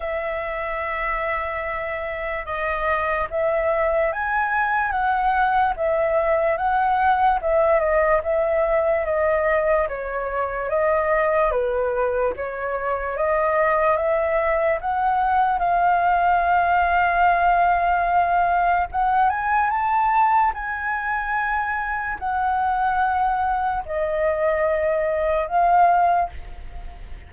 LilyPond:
\new Staff \with { instrumentName = "flute" } { \time 4/4 \tempo 4 = 73 e''2. dis''4 | e''4 gis''4 fis''4 e''4 | fis''4 e''8 dis''8 e''4 dis''4 | cis''4 dis''4 b'4 cis''4 |
dis''4 e''4 fis''4 f''4~ | f''2. fis''8 gis''8 | a''4 gis''2 fis''4~ | fis''4 dis''2 f''4 | }